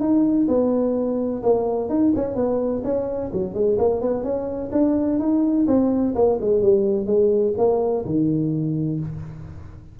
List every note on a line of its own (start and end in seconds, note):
0.00 0.47 D#4
0.48 1.42 B3
1.43 1.89 A#3
1.89 2.13 D#4
2.16 2.35 C#4
2.35 2.83 B3
2.84 3.31 C#4
3.33 3.54 F#3
3.54 3.78 G#3
3.78 4.01 A#3
4.01 4.23 B3
4.23 4.71 C#4
4.72 5.19 D4
5.19 5.66 D#4
5.67 6.14 C4
6.15 6.39 A#3
6.41 6.62 G#3
6.62 7.07 G3
7.07 7.54 G#3
7.58 8.05 A#3
8.05 9.00 D#3